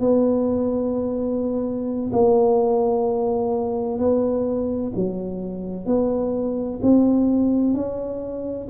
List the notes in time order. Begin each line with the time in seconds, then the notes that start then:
0.00 B3
2.12 A#3
3.98 B3
4.95 F#3
5.86 B3
6.82 C4
7.74 C#4